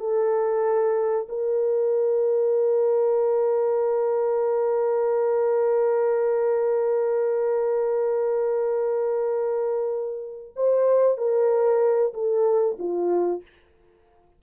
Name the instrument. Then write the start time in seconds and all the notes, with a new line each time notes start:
horn
0.00 A4
1.29 A#4
10.56 C5
11.18 A#4
12.14 A4
12.79 F4